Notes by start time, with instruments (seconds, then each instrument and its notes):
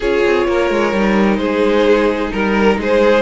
0.00 cello C#4, viola F4, violin G#4 C#5
0.24 cello C4
0.47 cello A#3, violin A#4
0.70 cello G#3
0.92 cello G3, viola D#4
1.36 cello G#3, violin G#4 C5
2.32 cello G3, violin A#4
2.77 cello G#3, violin G#4 C5